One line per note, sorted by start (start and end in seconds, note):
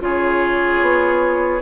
0.00 0.80 C#3
0.00 1.60 F4
0.00 1.62 G#4
0.00 1.62 C#5
0.81 1.61 B3